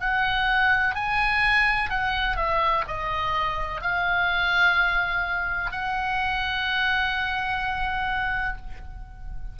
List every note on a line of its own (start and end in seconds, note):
0.00 0.95 F#5
0.95 1.90 G#5
1.90 2.37 F#5
2.37 2.84 E5
2.88 3.81 D#5
3.81 5.71 F5
5.71 8.57 F#5